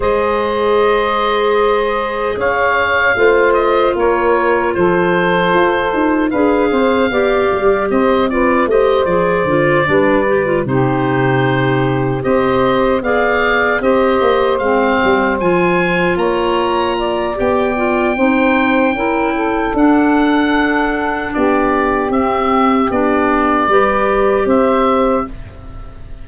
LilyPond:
<<
  \new Staff \with { instrumentName = "oboe" } { \time 4/4 \tempo 4 = 76 dis''2. f''4~ | f''8 dis''8 cis''4 c''2 | f''2 dis''8 d''8 dis''8 d''8~ | d''4. c''2 dis''8~ |
dis''8 f''4 dis''4 f''4 gis''8~ | gis''8 ais''4. g''2~ | g''4 fis''2 d''4 | e''4 d''2 e''4 | }
  \new Staff \with { instrumentName = "saxophone" } { \time 4/4 c''2. cis''4 | c''4 ais'4 a'2 | b'8 c''8 d''4 c''8 b'8 c''4~ | c''8 b'4 g'2 c''8~ |
c''8 d''4 c''2~ c''8~ | c''8 cis''4 d''4. c''4 | ais'8 a'2~ a'8 g'4~ | g'2 b'4 c''4 | }
  \new Staff \with { instrumentName = "clarinet" } { \time 4/4 gis'1 | f'1 | gis'4 g'4. f'8 g'8 gis'8 | f'8 d'8 g'16 f'16 dis'2 g'8~ |
g'8 gis'4 g'4 c'4 f'8~ | f'2 g'8 f'8 dis'4 | e'4 d'2. | c'4 d'4 g'2 | }
  \new Staff \with { instrumentName = "tuba" } { \time 4/4 gis2. cis'4 | a4 ais4 f4 f'8 dis'8 | d'8 c'8 b8 g8 c'4 a8 f8 | d8 g4 c2 c'8~ |
c'8 b4 c'8 ais8 gis8 g8 f8~ | f8 ais4. b4 c'4 | cis'4 d'2 b4 | c'4 b4 g4 c'4 | }
>>